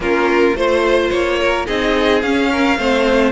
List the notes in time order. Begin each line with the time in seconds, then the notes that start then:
0.00 A#3 C#4 F4 A#4
0.55 A3 F4 C5
1.10 A#3 C#5
1.40 A#4
1.66 C4 D#4 G#4 D#5
2.21 C#4 F5
2.51 A#4
2.77 A3 C4 C5